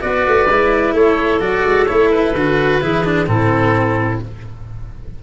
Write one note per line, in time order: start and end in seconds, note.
0.00 0.27 B3
0.00 0.47 F#4
0.00 0.95 B4
0.00 0.94 D5
0.28 0.49 A3
0.49 0.93 G#3
0.49 1.40 E4
0.93 1.39 A3
0.93 2.81 A4
0.93 1.41 C#5
1.40 1.64 F#3
1.40 1.87 F#4
1.40 1.86 D5
1.65 1.88 G#3
1.86 2.34 A3
1.86 2.34 E4
1.86 2.09 C#5
2.11 3.28 B4
2.34 2.81 D3
2.34 2.81 F#4
2.81 3.27 E3
2.81 3.04 E4
2.81 3.28 G#4
3.04 3.26 D4
3.26 4.20 A2
3.26 4.19 C4
3.26 4.23 E4
3.26 4.21 A4